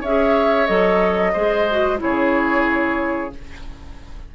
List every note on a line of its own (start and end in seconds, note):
0.00 0.68 C#4
0.00 0.67 G#4
0.00 1.32 C#5
0.00 0.66 E5
0.66 1.34 F#3
0.66 1.33 A4
0.66 1.98 D#5
1.33 2.01 G#3
1.33 1.68 G#4
1.33 1.98 C5
1.70 1.98 F#4
1.98 3.35 C#3
1.98 3.30 E4
1.98 3.35 G#4
1.98 3.33 C#5